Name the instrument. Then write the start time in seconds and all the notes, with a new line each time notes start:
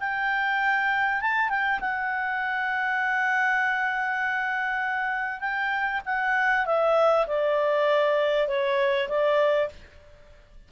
clarinet
0.00 G5
1.21 A5
1.50 G5
1.80 F#5
5.40 G5
6.06 F#5
6.66 E5
7.27 D5
8.48 C#5
9.09 D5